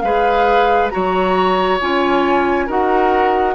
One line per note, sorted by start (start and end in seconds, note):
0.00 0.91 G#3
0.00 0.91 G#4
0.00 0.92 B4
0.00 0.88 F5
0.90 1.81 F#3
0.90 1.79 F#4
0.90 2.66 C#5
0.90 1.78 A#5
1.81 2.68 C#4
1.81 2.68 F4
1.81 2.69 G#5
2.66 3.54 D#4
2.66 3.54 F#4
2.66 3.54 A#4
2.66 3.54 F#5